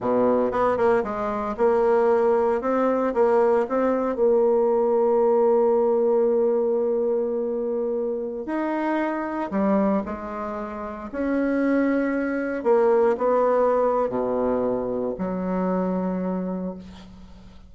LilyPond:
\new Staff \with { instrumentName = "bassoon" } { \time 4/4 \tempo 4 = 115 b,4 b8 ais8 gis4 ais4~ | ais4 c'4 ais4 c'4 | ais1~ | ais1~ |
ais16 dis'2 g4 gis8.~ | gis4~ gis16 cis'2~ cis'8.~ | cis'16 ais4 b4.~ b16 b,4~ | b,4 fis2. | }